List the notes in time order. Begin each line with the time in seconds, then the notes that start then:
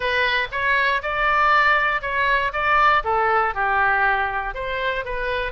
0.00 B4
0.51 C#5
1.02 D5
2.01 C#5
2.52 D5
3.03 A4
3.54 G4
4.54 C5
5.04 B4